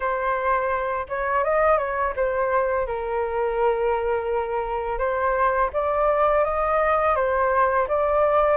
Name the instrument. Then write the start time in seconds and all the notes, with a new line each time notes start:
flute
0.00 C5
1.08 C#5
1.44 D#5
1.78 C#5
2.16 C5
2.86 A#4
4.98 C5
5.73 D5
6.44 D#5
7.15 C5
7.88 D5